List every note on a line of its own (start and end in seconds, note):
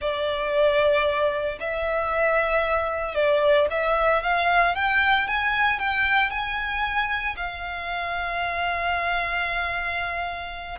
0.01 1.59 D5
1.60 3.15 E5
3.15 3.67 D5
3.70 4.22 E5
4.22 4.75 F5
4.75 5.27 G5
5.27 5.79 G#5
5.79 6.30 G5
6.30 7.35 G#5
7.36 10.78 F5